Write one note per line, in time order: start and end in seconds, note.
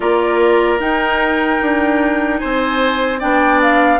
0.00 0.80 A#3
0.00 0.79 F4
0.00 2.40 A#4
0.00 0.80 D5
0.79 3.19 D#4
0.79 1.60 D#4
0.79 2.38 G5
1.61 2.41 D4
2.38 3.22 C4
2.38 3.19 C5
2.38 3.18 G#5
3.19 4.00 B3
3.19 4.00 D4
3.19 3.99 D5
3.19 3.60 G5
3.62 4.00 F5